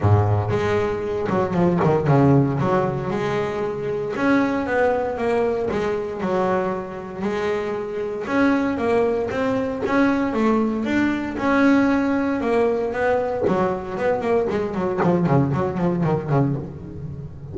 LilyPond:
\new Staff \with { instrumentName = "double bass" } { \time 4/4 \tempo 4 = 116 gis,4 gis4. fis8 f8 dis8 | cis4 fis4 gis2 | cis'4 b4 ais4 gis4 | fis2 gis2 |
cis'4 ais4 c'4 cis'4 | a4 d'4 cis'2 | ais4 b4 fis4 b8 ais8 | gis8 fis8 f8 cis8 fis8 f8 dis8 cis8 | }